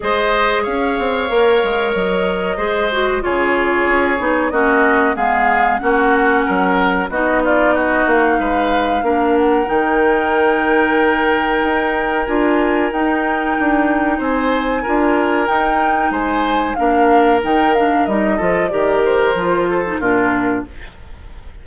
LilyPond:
<<
  \new Staff \with { instrumentName = "flute" } { \time 4/4 \tempo 4 = 93 dis''4 f''2 dis''4~ | dis''4 cis''2 dis''4 | f''4 fis''2 dis''8 d''8 | dis''8 f''2 fis''8 g''4~ |
g''2. gis''4 | g''2 gis''2 | g''4 gis''4 f''4 g''8 f''8 | dis''4 d''8 c''4. ais'4 | }
  \new Staff \with { instrumentName = "oboe" } { \time 4/4 c''4 cis''2. | c''4 gis'2 fis'4 | gis'4 fis'4 ais'4 fis'8 f'8 | fis'4 b'4 ais'2~ |
ais'1~ | ais'2 c''4 ais'4~ | ais'4 c''4 ais'2~ | ais'8 a'8 ais'4. a'8 f'4 | }
  \new Staff \with { instrumentName = "clarinet" } { \time 4/4 gis'2 ais'2 | gis'8 fis'8 f'4. dis'8 cis'4 | b4 cis'2 dis'4~ | dis'2 d'4 dis'4~ |
dis'2. f'4 | dis'2. f'4 | dis'2 d'4 dis'8 d'8 | dis'8 f'8 g'4 f'8. dis'16 d'4 | }
  \new Staff \with { instrumentName = "bassoon" } { \time 4/4 gis4 cis'8 c'8 ais8 gis8 fis4 | gis4 cis4 cis'8 b8 ais4 | gis4 ais4 fis4 b4~ | b8 ais8 gis4 ais4 dis4~ |
dis2 dis'4 d'4 | dis'4 d'4 c'4 d'4 | dis'4 gis4 ais4 dis4 | g8 f8 dis4 f4 ais,4 | }
>>